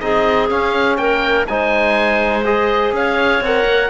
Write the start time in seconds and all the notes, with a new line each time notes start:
0.00 C4 D#4 G#4 D#5
0.49 C#4 F5
0.97 A#3 A#4 G5
1.47 G#3 D#4 C5 G#5
2.44 G#4 D#5
2.92 C#4 C#5 F5
3.40 C4 A#4 F#5
3.65 A#3